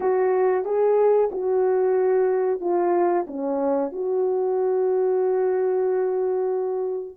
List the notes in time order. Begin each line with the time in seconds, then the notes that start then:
0.00 F#4
0.65 G#4
1.31 F#4
2.60 F4
3.27 C#4
3.91 F#4